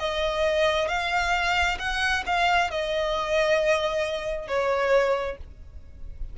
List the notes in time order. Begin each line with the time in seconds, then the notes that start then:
0.00 D#5
0.89 F5
1.79 F#5
2.26 F5
2.71 D#5
4.48 C#5